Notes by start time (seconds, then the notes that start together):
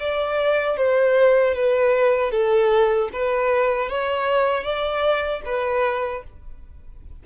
0.00 D5
0.77 C5
1.55 B4
2.32 A4
3.13 B4
3.90 C#5
4.64 D5
5.46 B4